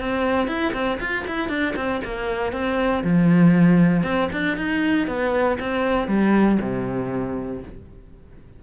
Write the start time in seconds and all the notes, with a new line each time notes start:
0.00 C4
0.48 E4
0.73 C4
1.00 F4
1.27 E4
1.49 D4
1.76 C4
2.04 A#3
2.52 C4
3.03 F3
4.03 C4
4.32 D4
4.57 D#4
5.07 B3
5.60 C4
6.08 G3
6.61 C3